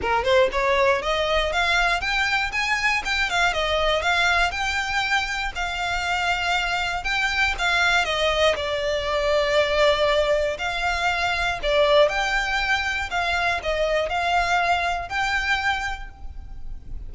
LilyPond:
\new Staff \with { instrumentName = "violin" } { \time 4/4 \tempo 4 = 119 ais'8 c''8 cis''4 dis''4 f''4 | g''4 gis''4 g''8 f''8 dis''4 | f''4 g''2 f''4~ | f''2 g''4 f''4 |
dis''4 d''2.~ | d''4 f''2 d''4 | g''2 f''4 dis''4 | f''2 g''2 | }